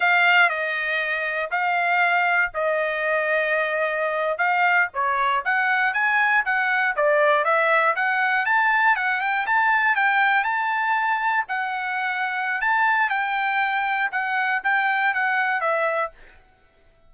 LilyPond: \new Staff \with { instrumentName = "trumpet" } { \time 4/4 \tempo 4 = 119 f''4 dis''2 f''4~ | f''4 dis''2.~ | dis''8. f''4 cis''4 fis''4 gis''16~ | gis''8. fis''4 d''4 e''4 fis''16~ |
fis''8. a''4 fis''8 g''8 a''4 g''16~ | g''8. a''2 fis''4~ fis''16~ | fis''4 a''4 g''2 | fis''4 g''4 fis''4 e''4 | }